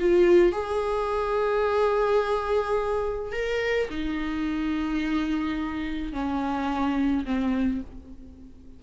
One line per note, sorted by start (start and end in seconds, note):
0.00 0.53 F4
0.53 3.33 G#4
3.33 3.89 A#4
3.90 6.13 D#4
6.13 7.25 C#4
7.25 7.81 C4